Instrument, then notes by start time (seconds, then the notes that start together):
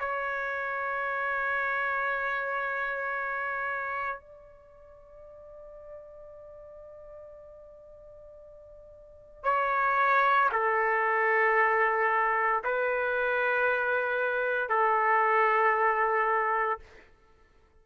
trumpet
0.00 C#5
4.21 D5
9.44 C#5
10.53 A4
12.65 B4
14.70 A4